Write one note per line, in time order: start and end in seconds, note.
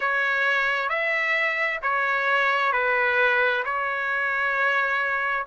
0.00 0.88 C#5
0.88 1.79 E5
1.82 2.72 C#5
2.72 3.63 B4
3.64 5.46 C#5